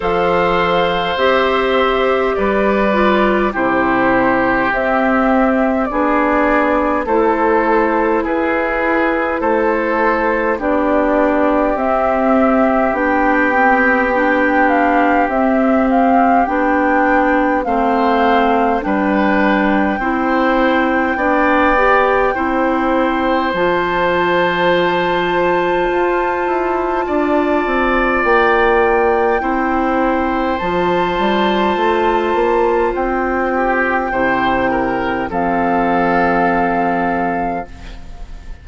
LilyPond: <<
  \new Staff \with { instrumentName = "flute" } { \time 4/4 \tempo 4 = 51 f''4 e''4 d''4 c''4 | e''4 d''4 c''4 b'4 | c''4 d''4 e''4 g''4~ | g''8 f''8 e''8 f''8 g''4 f''4 |
g''1 | a''1 | g''2 a''2 | g''2 f''2 | }
  \new Staff \with { instrumentName = "oboe" } { \time 4/4 c''2 b'4 g'4~ | g'4 gis'4 a'4 gis'4 | a'4 g'2.~ | g'2. c''4 |
b'4 c''4 d''4 c''4~ | c''2. d''4~ | d''4 c''2.~ | c''8 g'8 c''8 ais'8 a'2 | }
  \new Staff \with { instrumentName = "clarinet" } { \time 4/4 a'4 g'4. f'8 e'4 | c'4 d'4 e'2~ | e'4 d'4 c'4 d'8 c'8 | d'4 c'4 d'4 c'4 |
d'4 e'4 d'8 g'8 e'4 | f'1~ | f'4 e'4 f'2~ | f'4 e'4 c'2 | }
  \new Staff \with { instrumentName = "bassoon" } { \time 4/4 f4 c'4 g4 c4 | c'4 b4 a4 e'4 | a4 b4 c'4 b4~ | b4 c'4 b4 a4 |
g4 c'4 b4 c'4 | f2 f'8 e'8 d'8 c'8 | ais4 c'4 f8 g8 a8 ais8 | c'4 c4 f2 | }
>>